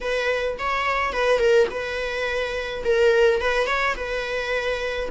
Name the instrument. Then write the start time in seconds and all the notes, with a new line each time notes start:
viola
0.01 B4
0.58 C#5
1.12 B4
1.39 A#4
1.70 B4
2.84 A#4
3.40 B4
3.66 C#5
3.96 B4